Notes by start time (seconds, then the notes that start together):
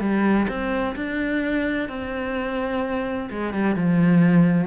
0.00 G3
0.49 C4
0.96 D4
1.89 C4
3.30 G#3
3.54 G3
3.75 F3